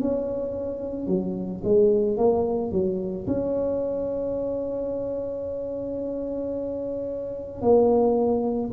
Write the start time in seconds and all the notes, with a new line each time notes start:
0.00 C#4
1.08 F#3
1.64 G#3
2.17 A#3
2.72 F#3
3.27 C#4
7.62 A#3